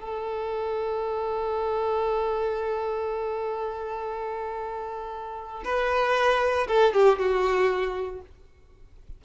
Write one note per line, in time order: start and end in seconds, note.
0.00 5.64 A4
5.65 6.68 B4
6.68 6.94 A4
6.94 7.19 G4
7.19 8.22 F#4